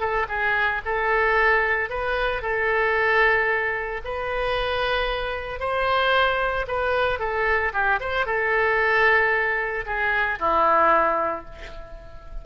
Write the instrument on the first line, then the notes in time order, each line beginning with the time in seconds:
oboe
0.00 A4
0.29 G#4
0.85 A4
1.90 B4
2.42 A4
4.05 B4
5.60 C5
6.68 B4
7.19 A4
7.73 G4
8.00 C5
8.26 A4
9.86 G#4
10.39 E4